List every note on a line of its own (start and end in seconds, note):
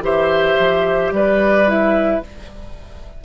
0.00 0.55 E3
0.00 1.66 G4
0.00 1.13 C5
0.00 1.13 E5
0.59 1.10 F3
1.10 2.20 G3
1.10 2.24 B4
1.10 1.68 D5
1.67 2.21 E4
1.67 2.23 E5